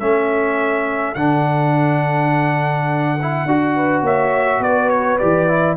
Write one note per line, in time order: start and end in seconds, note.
0.00 1.15 A3
0.00 1.16 C#4
0.00 3.76 A4
0.00 1.15 E5
1.15 3.45 D3
1.15 3.19 D4
1.15 4.03 F#5
3.22 3.48 E4
3.45 4.02 D4
3.45 5.20 F#4
3.76 4.03 B4
4.02 4.59 A#3
4.02 4.61 C#5
4.02 4.63 E5
4.60 5.18 B3
4.60 5.77 B4
4.60 4.90 D5
4.90 5.18 C#5
5.19 5.77 E3
5.19 5.49 G4
5.19 5.77 D5
5.49 5.77 E4